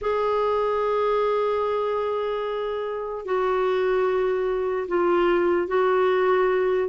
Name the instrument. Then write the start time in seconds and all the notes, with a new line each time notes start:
clarinet
0.01 G#4
3.25 F#4
4.88 F4
5.68 F#4